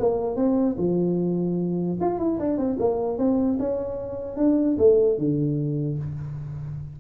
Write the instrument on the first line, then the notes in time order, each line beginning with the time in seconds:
tuba
0.00 A#3
0.36 C4
0.79 F3
2.01 F4
2.19 E4
2.40 D4
2.58 C4
2.80 A#3
3.19 C4
3.60 C#4
4.37 D4
4.79 A3
5.19 D3